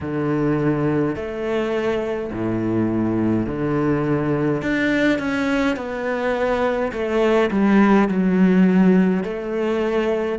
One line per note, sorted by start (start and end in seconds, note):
0.00 1.15 D3
1.15 2.31 A3
2.32 3.46 A2
3.46 4.62 D3
4.62 5.19 D4
5.19 5.76 C#4
5.76 6.91 B3
6.92 7.49 A3
7.50 8.08 G3
8.08 9.23 F#3
9.23 10.38 A3